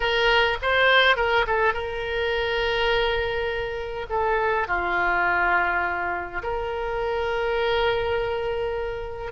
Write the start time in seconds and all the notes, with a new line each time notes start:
0.00 A#4
0.62 C5
1.16 A#4
1.46 A4
1.73 A#4
4.09 A4
4.67 F4
6.42 A#4